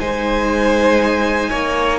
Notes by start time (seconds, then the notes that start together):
0.00 G#3 D#4 C5 G#5
1.50 A#3 C#5